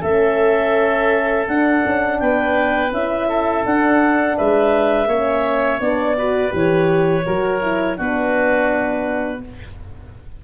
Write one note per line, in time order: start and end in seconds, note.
0.00 1.47 A3
0.00 1.46 C#4
0.00 2.17 A4
0.00 1.47 E5
1.46 2.91 D4
1.46 1.83 D4
1.46 2.19 F#5
1.85 2.21 C#4
2.19 2.91 B3
2.19 3.28 B4
2.19 2.91 G5
2.91 3.64 C#4
2.91 3.64 E4
2.91 3.65 E5
3.28 4.37 A4
3.64 5.09 D4
3.64 4.37 D4
3.64 4.37 F#5
4.37 5.06 G#3
4.37 5.08 B4
4.37 5.80 E5
5.06 5.79 A#3
5.06 5.80 C#4
5.06 6.16 C#5
5.80 6.52 B3
5.80 6.16 D4
5.80 6.53 D5
6.17 6.50 F#4
6.17 7.25 B4
6.50 7.25 E3
6.50 7.22 G4
6.50 7.98 C#5
7.25 7.99 F#3
7.25 7.61 F#4
7.25 7.97 A#4
7.61 7.96 E4
7.96 9.44 B3
7.96 9.41 D4
7.96 9.41 F#4
7.96 9.43 B4